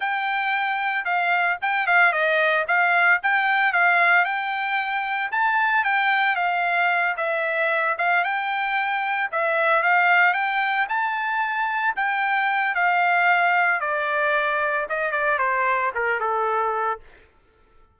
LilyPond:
\new Staff \with { instrumentName = "trumpet" } { \time 4/4 \tempo 4 = 113 g''2 f''4 g''8 f''8 | dis''4 f''4 g''4 f''4 | g''2 a''4 g''4 | f''4. e''4. f''8 g''8~ |
g''4. e''4 f''4 g''8~ | g''8 a''2 g''4. | f''2 d''2 | dis''8 d''8 c''4 ais'8 a'4. | }